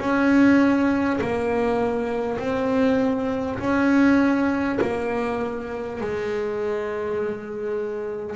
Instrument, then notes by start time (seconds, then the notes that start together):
double bass
0.00 C#4
1.21 A#3
2.39 C4
3.59 C#4
4.82 A#3
6.01 G#3